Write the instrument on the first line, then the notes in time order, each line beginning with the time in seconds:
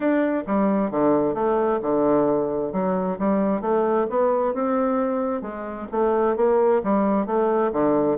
bassoon
0.00 D4
0.46 G3
0.90 D3
1.34 A3
1.82 D3
2.72 F#3
3.18 G3
3.61 A3
4.09 B3
4.53 C4
5.41 G#3
5.91 A3
6.36 A#3
6.83 G3
7.26 A3
7.72 D3